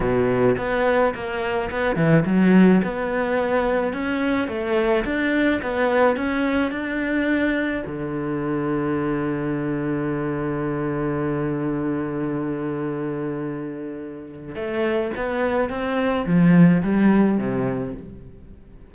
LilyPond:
\new Staff \with { instrumentName = "cello" } { \time 4/4 \tempo 4 = 107 b,4 b4 ais4 b8 e8 | fis4 b2 cis'4 | a4 d'4 b4 cis'4 | d'2 d2~ |
d1~ | d1~ | d2 a4 b4 | c'4 f4 g4 c4 | }